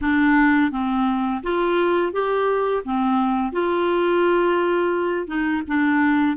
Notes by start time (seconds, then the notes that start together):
0.01 D4
0.71 C4
1.43 F4
2.12 G4
2.84 C4
3.52 F4
5.27 D#4
5.67 D4